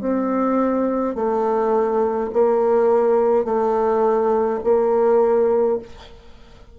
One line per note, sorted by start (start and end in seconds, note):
0.00 1.15 C4
1.15 2.30 A3
2.33 3.44 A#3
3.44 4.59 A3
4.64 5.79 A#3